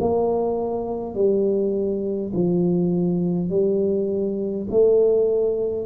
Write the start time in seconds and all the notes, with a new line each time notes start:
0.00 A#3
1.14 G3
2.33 F3
3.49 G3
4.70 A3